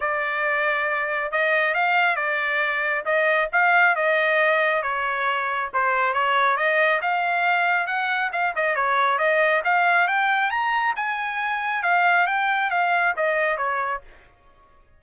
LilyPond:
\new Staff \with { instrumentName = "trumpet" } { \time 4/4 \tempo 4 = 137 d''2. dis''4 | f''4 d''2 dis''4 | f''4 dis''2 cis''4~ | cis''4 c''4 cis''4 dis''4 |
f''2 fis''4 f''8 dis''8 | cis''4 dis''4 f''4 g''4 | ais''4 gis''2 f''4 | g''4 f''4 dis''4 cis''4 | }